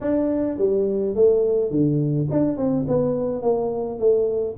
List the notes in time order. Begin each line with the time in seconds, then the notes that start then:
0.00 D4
0.58 G3
1.15 A3
1.70 D3
2.30 D4
2.57 C4
2.87 B3
3.42 A#3
3.99 A3